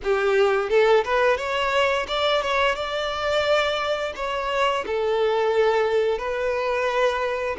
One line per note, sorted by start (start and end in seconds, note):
0.03 0.69 G4
0.69 1.03 A4
1.04 1.37 B4
1.37 2.06 C#5
2.07 2.41 D5
2.41 2.75 C#5
2.75 4.13 D5
4.15 4.84 C#5
4.86 6.18 A4
6.18 7.56 B4